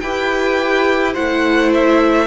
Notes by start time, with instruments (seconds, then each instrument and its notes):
0.00 cello E4, viola G4, violin B4 G5
1.13 cello A3, viola E4, violin C5 F#5
1.74 violin E5